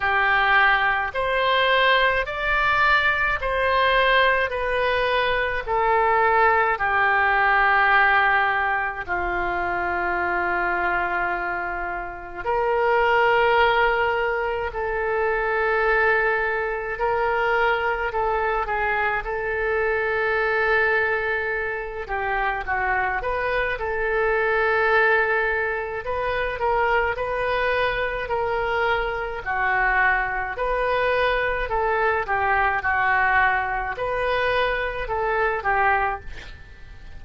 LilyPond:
\new Staff \with { instrumentName = "oboe" } { \time 4/4 \tempo 4 = 53 g'4 c''4 d''4 c''4 | b'4 a'4 g'2 | f'2. ais'4~ | ais'4 a'2 ais'4 |
a'8 gis'8 a'2~ a'8 g'8 | fis'8 b'8 a'2 b'8 ais'8 | b'4 ais'4 fis'4 b'4 | a'8 g'8 fis'4 b'4 a'8 g'8 | }